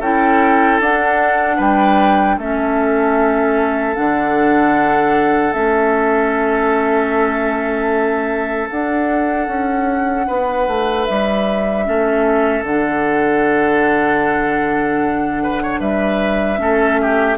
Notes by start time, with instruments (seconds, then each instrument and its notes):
0.00 bassoon C#4, clarinet E4, oboe A4, flute G5
0.80 bassoon D4, clarinet D4, flute F#5
1.57 bassoon G3, oboe B4, flute G5
2.38 bassoon A3, clarinet C#4, oboe A4, flute E5
3.96 bassoon D3, clarinet D4, flute F#5
5.53 bassoon A3, clarinet C#4, flute E5
8.70 clarinet D4, bassoon D4, flute F#5
9.48 bassoon C#4
10.27 bassoon B3, oboe B4
10.68 bassoon A3
11.06 bassoon G3, flute E5
11.85 bassoon A3, clarinet C#4, oboe A4
12.63 bassoon D3, clarinet D4, flute F#5
15.43 oboe B4
15.63 oboe C#5
15.80 bassoon G3, oboe B4, flute E5
16.58 bassoon A3, clarinet C#4, oboe A4
17.02 oboe G4